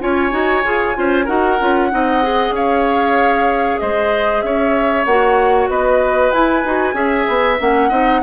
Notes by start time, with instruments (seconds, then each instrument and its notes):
0.00 bassoon C#4, clarinet F4, oboe C#5, flute G#5
0.31 bassoon D#4, clarinet F#4
0.64 bassoon F4, clarinet G#4
0.94 bassoon C#4, clarinet F4, oboe C5
1.25 bassoon D#4, clarinet F#4, oboe A#4, flute F#5
1.60 bassoon C#4, clarinet F4
1.91 bassoon C4, clarinet D#4, oboe D#5
2.22 clarinet G#4
2.51 bassoon C#4, oboe C#5, flute F5
3.79 bassoon G#3, oboe C5, flute D#5
4.41 bassoon C#4, oboe C#5, flute E5
5.05 bassoon A#3, clarinet F#4, flute F#5
5.69 bassoon B3, oboe B4, flute D#5
6.31 bassoon E4, clarinet E4, flute G#5
6.64 bassoon D#4, clarinet F#4
6.93 bassoon C#4, clarinet G#4, oboe E5
7.28 bassoon B3
7.59 bassoon A#3, clarinet C#4, flute F#5
7.89 bassoon C4, clarinet D#4, oboe D#5